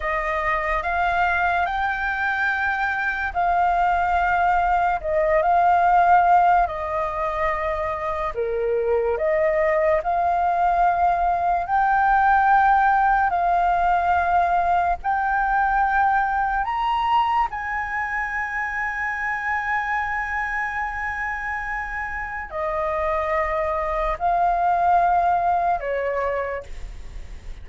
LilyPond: \new Staff \with { instrumentName = "flute" } { \time 4/4 \tempo 4 = 72 dis''4 f''4 g''2 | f''2 dis''8 f''4. | dis''2 ais'4 dis''4 | f''2 g''2 |
f''2 g''2 | ais''4 gis''2.~ | gis''2. dis''4~ | dis''4 f''2 cis''4 | }